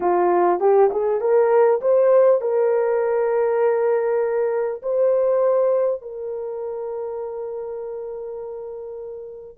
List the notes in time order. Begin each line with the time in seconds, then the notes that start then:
0.00 F4
0.60 G4
0.91 G#4
1.20 A#4
1.81 C5
2.41 A#4
4.82 C5
6.01 A#4